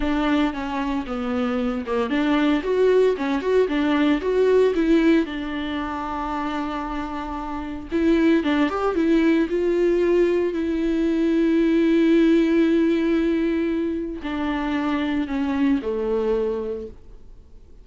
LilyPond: \new Staff \with { instrumentName = "viola" } { \time 4/4 \tempo 4 = 114 d'4 cis'4 b4. ais8 | d'4 fis'4 cis'8 fis'8 d'4 | fis'4 e'4 d'2~ | d'2. e'4 |
d'8 g'8 e'4 f'2 | e'1~ | e'2. d'4~ | d'4 cis'4 a2 | }